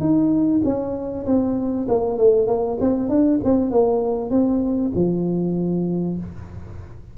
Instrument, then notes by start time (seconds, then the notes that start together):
tuba
0.00 D#4
0.64 C#4
1.26 C4
1.88 A#3
2.18 A3
2.47 A#3
2.80 C4
3.09 D4
3.44 C4
3.71 A#3
4.30 C4
4.95 F3